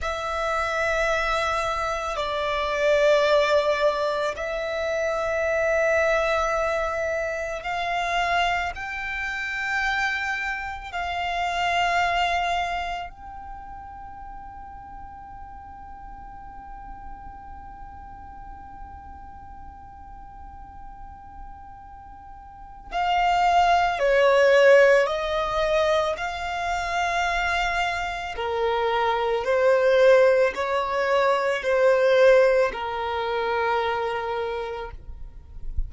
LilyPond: \new Staff \with { instrumentName = "violin" } { \time 4/4 \tempo 4 = 55 e''2 d''2 | e''2. f''4 | g''2 f''2 | g''1~ |
g''1~ | g''4 f''4 cis''4 dis''4 | f''2 ais'4 c''4 | cis''4 c''4 ais'2 | }